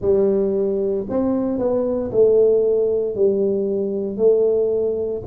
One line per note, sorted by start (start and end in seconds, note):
0.00 1.06 G3
1.09 1.58 C4
1.58 2.11 B3
2.11 3.15 A3
3.15 4.17 G3
4.17 5.22 A3